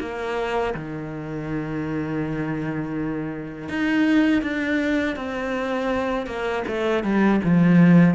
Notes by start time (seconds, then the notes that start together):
0.00 A#3
0.75 D#3
3.69 D#4
4.42 D4
5.16 C4
6.26 A#3
6.68 A3
7.04 G3
7.44 F3